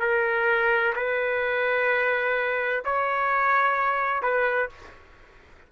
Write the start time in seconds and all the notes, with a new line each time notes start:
0.00 A#4
0.95 B4
2.85 C#5
4.22 B4